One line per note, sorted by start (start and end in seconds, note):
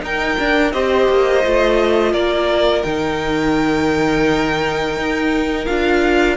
0.00 0.35 D#4
0.00 0.37 D#4
0.00 0.73 A#4
0.00 0.72 G5
0.39 0.72 D4
0.39 0.73 D4
0.72 1.09 C4
0.72 1.43 G4
0.72 2.13 C5
0.72 2.13 D#5
1.09 1.44 A#3
1.44 2.13 A3
1.44 2.84 F4
2.13 2.83 A#3
2.13 6.36 A#4
2.13 2.82 D5
2.82 4.96 D#3
2.82 5.67 D#4
2.82 5.65 G5
4.96 5.67 D#4
5.66 6.37 D4
5.66 6.37 F4
5.66 6.36 F5